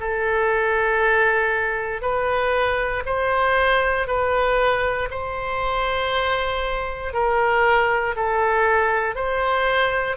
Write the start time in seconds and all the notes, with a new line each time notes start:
0.00 A4
2.02 B4
3.06 C5
4.07 B4
5.11 C5
7.14 A#4
8.16 A4
9.15 C5